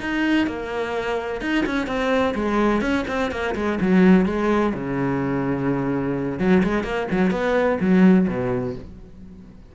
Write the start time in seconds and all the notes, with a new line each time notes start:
0.00 D#4
0.47 A#3
1.41 D#4
1.66 C#4
1.87 C4
2.35 G#3
2.81 C#4
3.08 C4
3.31 A#3
3.55 G#3
3.81 F#3
4.26 G#3
4.74 C#3
6.39 F#3
6.63 G#3
6.84 A#3
7.11 F#3
7.31 B3
7.81 F#3
8.28 B2